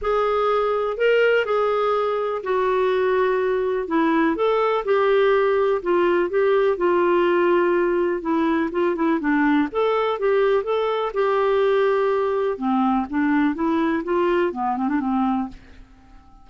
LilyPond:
\new Staff \with { instrumentName = "clarinet" } { \time 4/4 \tempo 4 = 124 gis'2 ais'4 gis'4~ | gis'4 fis'2. | e'4 a'4 g'2 | f'4 g'4 f'2~ |
f'4 e'4 f'8 e'8 d'4 | a'4 g'4 a'4 g'4~ | g'2 c'4 d'4 | e'4 f'4 b8 c'16 d'16 c'4 | }